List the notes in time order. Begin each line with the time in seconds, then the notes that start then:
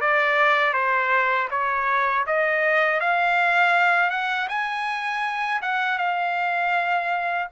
0.00 D5
0.73 C5
1.50 C#5
2.26 D#5
3.00 F5
4.10 F#5
4.48 G#5
5.61 F#5
5.98 F5